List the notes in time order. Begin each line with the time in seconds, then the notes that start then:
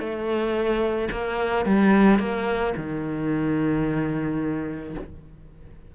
0.00 A3
1.12 A#3
1.66 G3
2.19 A#3
2.77 D#3